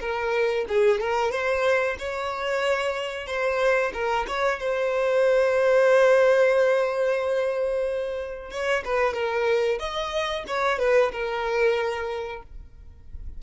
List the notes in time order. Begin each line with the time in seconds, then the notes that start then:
0.00 A#4
0.68 G#4
1.00 A#4
1.31 C5
1.98 C#5
3.26 C5
3.93 A#4
4.27 C#5
4.59 C5
8.50 C#5
8.84 B4
9.13 A#4
9.79 D#5
10.47 C#5
10.78 B4
11.12 A#4